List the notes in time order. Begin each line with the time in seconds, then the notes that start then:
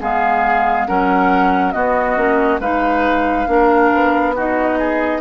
0.00 G#3 B3 G#4 F5
0.87 F#3 C#4 A#4 F#5
1.71 B3 F#4 D#5
2.16 A#3 C#4
2.59 G#3 D#4 B4 F5
3.47 A#3 D4 A#4
3.93 B3
4.35 D#4 F#4 D#5
4.78 G#4